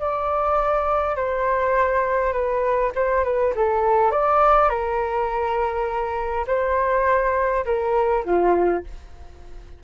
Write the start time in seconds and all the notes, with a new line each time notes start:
0.00 D5
1.16 C5
2.33 B4
2.95 C5
3.24 B4
3.56 A4
4.11 D5
4.69 A#4
6.47 C5
7.65 A#4
8.25 F4